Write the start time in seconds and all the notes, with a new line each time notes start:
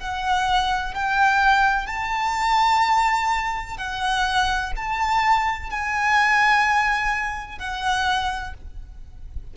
0.00 F#5
0.95 G5
1.87 A5
3.77 F#5
4.77 A5
5.71 G#5
7.59 F#5